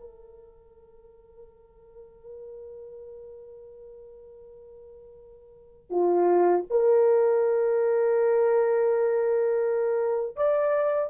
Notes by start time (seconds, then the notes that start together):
0.00 A#4
5.91 F4
6.71 A#4
10.37 D5